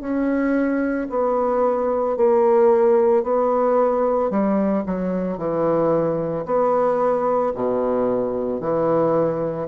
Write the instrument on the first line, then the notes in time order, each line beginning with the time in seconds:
bassoon
0.00 C#4
1.10 B3
2.16 A#3
3.23 B3
4.31 G3
4.86 F#3
5.38 E3
6.45 B3
7.55 B2
8.61 E3